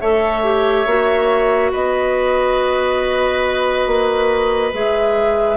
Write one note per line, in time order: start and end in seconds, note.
0.00 0.85 A3
0.00 0.43 A4
0.00 1.71 C#5
0.00 1.71 E5
0.43 0.86 G4
0.85 1.71 A#3
0.85 4.72 F#4
1.71 3.86 B3
1.71 5.57 B4
1.71 4.73 D#5
3.86 4.72 A#3
4.73 5.57 G#3
4.73 5.57 G#4
4.73 5.57 E5